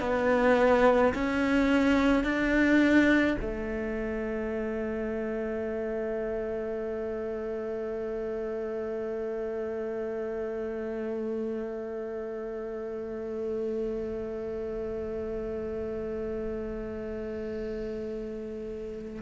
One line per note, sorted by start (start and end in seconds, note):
0.00 1.13 B3
1.14 2.24 C#4
2.24 3.37 D4
3.42 19.22 A3